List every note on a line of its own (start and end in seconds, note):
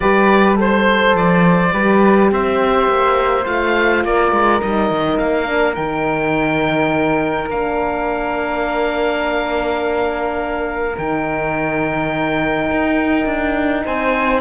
0.00 1.14 G3
0.00 0.55 G4
0.00 0.58 B4
0.00 0.56 D5
0.55 1.71 A4
0.55 1.72 C5
0.55 1.16 C5
1.14 1.71 F3
1.14 2.31 D5
1.72 2.31 G3
1.72 3.45 G4
1.72 2.30 B4
2.31 2.87 C4
2.31 4.05 C5
2.31 3.45 E5
2.87 3.45 A#3
3.45 4.04 A3
3.45 4.60 F4
3.45 4.03 F5
4.04 4.31 A#3
4.04 13.84 A#4
4.04 4.61 D5
4.31 4.60 G#3
4.61 4.90 G3
4.61 5.45 D#4
4.61 5.18 D#5
4.90 5.19 D#3
5.18 5.77 A#3
5.18 5.75 F5
5.45 5.74 D4
5.75 7.49 D#3
5.75 7.50 D#4
5.75 7.48 G5
7.49 10.95 A#3
7.49 10.97 D4
7.49 10.97 F5
10.97 12.71 D#3
10.97 14.40 D#4
10.97 13.86 G5
12.71 13.25 D#4
13.25 13.83 D4
13.84 14.40 C4
13.84 14.40 C5
13.84 14.40 G#5